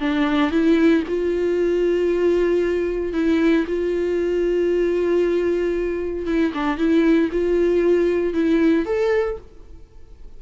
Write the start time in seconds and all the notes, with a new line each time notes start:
0.00 D4
0.51 E4
1.08 F4
3.13 E4
3.68 F4
6.27 E4
6.54 D4
6.78 E4
7.32 F4
8.34 E4
8.86 A4